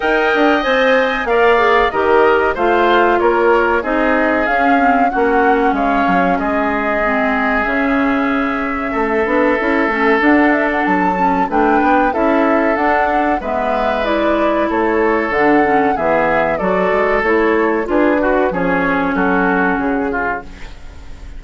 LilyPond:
<<
  \new Staff \with { instrumentName = "flute" } { \time 4/4 \tempo 4 = 94 g''4 gis''4 f''4 dis''4 | f''4 cis''4 dis''4 f''4 | fis''4 f''4 dis''2 | e''1 |
fis''8 e''16 fis''16 a''4 g''4 e''4 | fis''4 e''4 d''4 cis''4 | fis''4 e''4 d''4 cis''4 | b'4 cis''4 a'4 gis'4 | }
  \new Staff \with { instrumentName = "oboe" } { \time 4/4 dis''2 d''4 ais'4 | c''4 ais'4 gis'2 | fis'4 cis''4 gis'2~ | gis'2 a'2~ |
a'2 b'4 a'4~ | a'4 b'2 a'4~ | a'4 gis'4 a'2 | gis'8 fis'8 gis'4 fis'4. f'8 | }
  \new Staff \with { instrumentName = "clarinet" } { \time 4/4 ais'4 c''4 ais'8 gis'8 g'4 | f'2 dis'4 cis'8 c'8 | cis'2. c'4 | cis'2~ cis'8 d'8 e'8 cis'8 |
d'4. cis'8 d'4 e'4 | d'4 b4 e'2 | d'8 cis'8 b4 fis'4 e'4 | f'8 fis'8 cis'2. | }
  \new Staff \with { instrumentName = "bassoon" } { \time 4/4 dis'8 d'8 c'4 ais4 dis4 | a4 ais4 c'4 cis'4 | ais4 gis8 fis8 gis2 | cis2 a8 b8 cis'8 a8 |
d'4 fis4 a8 b8 cis'4 | d'4 gis2 a4 | d4 e4 fis8 gis8 a4 | d'4 f4 fis4 cis4 | }
>>